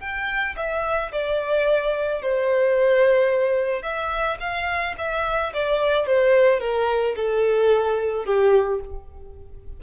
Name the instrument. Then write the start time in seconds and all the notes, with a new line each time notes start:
violin
0.00 G5
0.56 E5
1.12 D5
2.22 C5
3.82 E5
4.40 F5
4.98 E5
5.53 D5
6.06 C5
6.60 A#4
7.16 A4
8.25 G4